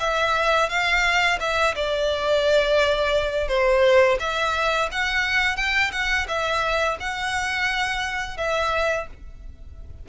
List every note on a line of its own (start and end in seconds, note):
0.00 0.69 E5
0.69 1.39 F5
1.40 1.75 E5
1.75 3.49 D5
3.49 4.18 C5
4.20 4.90 E5
4.92 5.57 F#5
5.57 5.91 G5
5.92 6.27 F#5
6.28 6.98 E5
7.00 8.38 F#5
8.38 9.07 E5